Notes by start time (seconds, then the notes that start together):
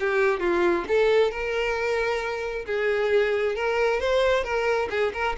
0.00 G4
0.40 F4
0.88 A4
1.31 A#4
2.66 G#4
3.56 A#4
4.00 C5
4.44 A#4
4.90 G#4
5.13 A#4